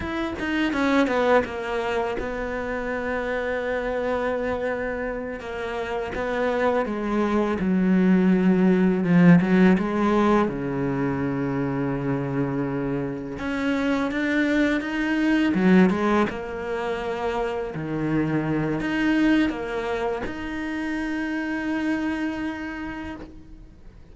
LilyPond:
\new Staff \with { instrumentName = "cello" } { \time 4/4 \tempo 4 = 83 e'8 dis'8 cis'8 b8 ais4 b4~ | b2.~ b8 ais8~ | ais8 b4 gis4 fis4.~ | fis8 f8 fis8 gis4 cis4.~ |
cis2~ cis8 cis'4 d'8~ | d'8 dis'4 fis8 gis8 ais4.~ | ais8 dis4. dis'4 ais4 | dis'1 | }